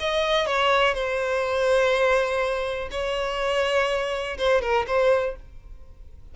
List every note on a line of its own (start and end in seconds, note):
0.00 0.47 D#5
0.47 0.94 C#5
0.94 2.89 C5
2.91 4.38 C#5
4.38 4.62 C5
4.62 4.86 A#4
4.87 5.36 C5